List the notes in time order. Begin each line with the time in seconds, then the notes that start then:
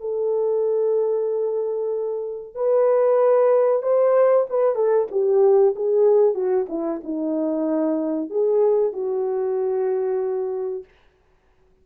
0.00 A4
2.55 B4
3.82 C5
4.50 B4
4.75 A4
5.11 G4
5.75 G#4
6.35 F#4
6.69 E4
7.04 D#4
8.30 G#4
8.93 F#4